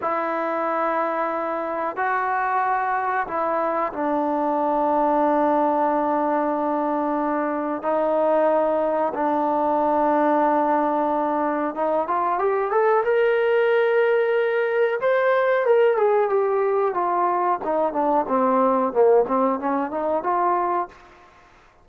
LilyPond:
\new Staff \with { instrumentName = "trombone" } { \time 4/4 \tempo 4 = 92 e'2. fis'4~ | fis'4 e'4 d'2~ | d'1 | dis'2 d'2~ |
d'2 dis'8 f'8 g'8 a'8 | ais'2. c''4 | ais'8 gis'8 g'4 f'4 dis'8 d'8 | c'4 ais8 c'8 cis'8 dis'8 f'4 | }